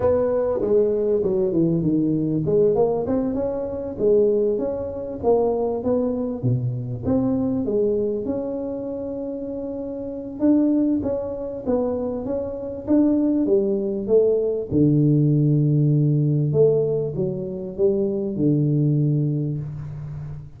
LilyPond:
\new Staff \with { instrumentName = "tuba" } { \time 4/4 \tempo 4 = 98 b4 gis4 fis8 e8 dis4 | gis8 ais8 c'8 cis'4 gis4 cis'8~ | cis'8 ais4 b4 b,4 c'8~ | c'8 gis4 cis'2~ cis'8~ |
cis'4 d'4 cis'4 b4 | cis'4 d'4 g4 a4 | d2. a4 | fis4 g4 d2 | }